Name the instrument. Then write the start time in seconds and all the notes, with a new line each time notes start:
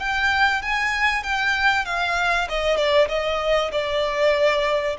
violin
0.00 G5
0.62 G#5
1.24 G5
1.86 F5
2.49 D#5
2.77 D5
3.09 D#5
3.72 D5